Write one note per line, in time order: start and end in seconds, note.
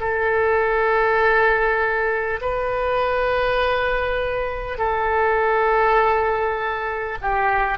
0.00 2.40 A4
2.41 4.78 B4
4.78 7.18 A4
7.21 7.78 G4